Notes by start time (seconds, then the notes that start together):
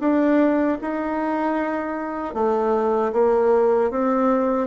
0.00 D4
0.81 D#4
2.34 A3
3.13 A#3
3.91 C4